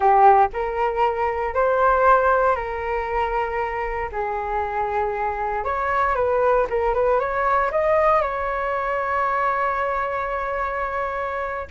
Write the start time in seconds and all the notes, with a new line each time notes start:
0.00 G4
0.53 A#4
1.54 C5
2.55 A#4
4.12 G#4
5.64 C#5
6.15 B4
6.69 A#4
6.93 B4
7.19 C#5
7.71 D#5
8.21 C#5